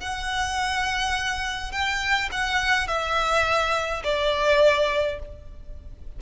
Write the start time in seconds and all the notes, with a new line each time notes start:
0.00 F#5
1.72 G5
2.32 F#5
2.87 E5
4.04 D5